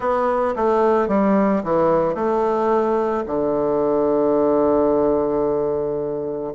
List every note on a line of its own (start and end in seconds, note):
0.00 0.55 B3
0.56 1.08 A3
1.08 1.62 G3
1.63 2.14 E3
2.14 3.23 A3
3.26 6.53 D3